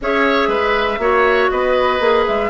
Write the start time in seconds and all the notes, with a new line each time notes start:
0.01 C#4 G#4 C#5 E5
0.47 G#3 B4
0.98 A#3 F#4 C#5
1.50 B3 B4 D#5
2.00 A#3 G#4
2.26 G#3 E5